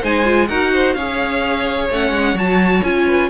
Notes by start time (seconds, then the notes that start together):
0.00 G#3 D#4 C5 G#5
0.24 F4
0.47 D#4 F#4 A#4 F#5
0.73 C5
0.93 C#4 G#4 C#5 F5
1.89 A3 C#4 F#5
2.11 G#3
2.34 F#3 F#4 A5
2.83 C#4 F4 G#5
3.06 B4